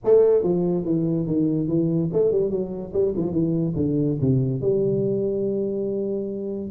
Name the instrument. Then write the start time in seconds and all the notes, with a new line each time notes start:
tuba
0.04 A3
0.43 F3
0.84 E3
1.26 D#3
1.68 E3
2.13 A3
2.31 G3
2.50 F#3
2.93 G3
3.16 F3
3.32 E3
3.76 D3
4.20 C3
4.61 G3